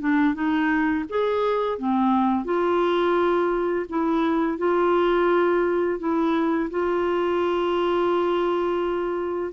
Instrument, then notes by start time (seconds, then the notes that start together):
clarinet
0.00 D4
0.35 D#4
1.10 G#4
1.79 C4
2.45 F4
3.90 E4
4.58 F4
5.99 E4
6.71 F4